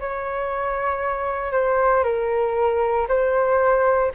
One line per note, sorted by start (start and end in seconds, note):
0.00 1.52 C#5
1.52 2.04 C5
2.04 3.08 A#4
3.08 4.12 C5